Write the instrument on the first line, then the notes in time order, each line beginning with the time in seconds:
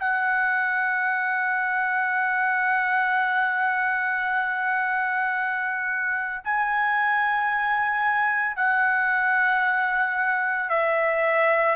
trumpet
0.00 F#5
6.44 G#5
8.56 F#5
10.69 E5